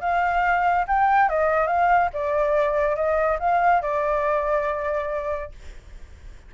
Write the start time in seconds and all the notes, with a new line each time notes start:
0.00 F5
0.87 G5
1.29 D#5
1.67 F5
2.13 D5
2.95 D#5
3.39 F5
3.81 D5